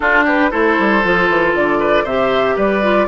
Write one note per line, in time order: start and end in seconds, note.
0.00 0.50 D4
0.00 0.52 D4
0.00 0.24 F4
0.00 0.24 A4
0.24 0.50 G4
0.24 0.51 B4
0.50 0.78 A3
0.50 1.02 E4
0.50 1.79 A4
0.50 1.54 C5
0.78 1.04 G3
1.03 1.29 F3
1.03 2.06 F4
1.29 1.54 E3
1.54 2.04 D3
1.54 2.06 D5
1.79 2.03 B4
2.03 2.55 C3
2.03 2.82 G4
2.03 2.55 C5
2.03 2.57 E5
2.55 3.07 G3
2.55 3.07 B4
2.55 3.07 D5
2.82 3.07 F4